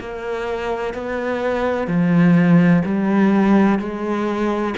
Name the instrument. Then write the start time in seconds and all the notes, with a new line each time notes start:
cello
0.00 A#3
0.94 B3
1.87 F3
2.85 G3
3.79 G#3